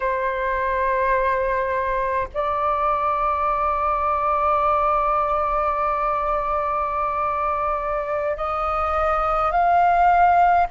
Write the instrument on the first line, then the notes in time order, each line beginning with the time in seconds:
flute
0.00 C5
2.34 D5
8.37 D#5
9.51 F5